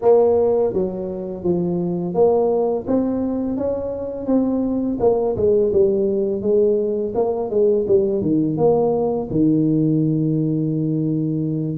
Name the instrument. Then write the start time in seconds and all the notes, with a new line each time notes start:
tuba
0.01 A#3
0.73 F#3
1.43 F3
2.14 A#3
2.87 C4
3.57 C#4
4.26 C4
5.00 A#3
5.36 G#3
5.72 G3
6.41 G#3
7.14 A#3
7.49 G#3
7.87 G3
8.21 D#3
8.57 A#3
9.30 D#3